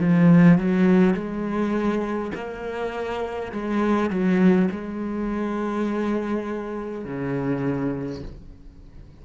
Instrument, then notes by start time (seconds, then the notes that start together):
cello
0.00 F3
0.58 F#3
1.14 G#3
2.35 A#3
3.52 G#3
4.10 F#3
4.71 G#3
7.05 C#3